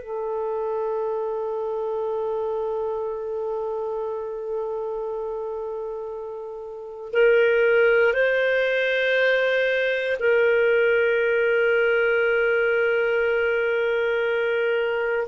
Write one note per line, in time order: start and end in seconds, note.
0.00 7.12 A4
7.12 8.13 A#4
8.13 10.16 C5
10.19 15.27 A#4